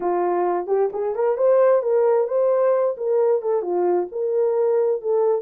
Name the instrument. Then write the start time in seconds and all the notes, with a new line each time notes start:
horn
0.00 F4
0.66 G4
0.93 G#4
1.15 A#4
1.37 C5
1.82 A#4
2.27 C5
2.97 A#4
3.42 A4
3.62 F4
4.11 A#4
5.01 A4